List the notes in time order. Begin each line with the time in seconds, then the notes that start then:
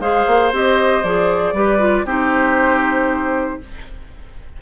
0.00 G#3 G#4 C5 F5
0.27 A#3
0.52 C4 G4 D#5
1.03 F3 G#4 D5
1.53 G3 G4 B4
1.79 F4
2.05 C4 D#4 G4 C5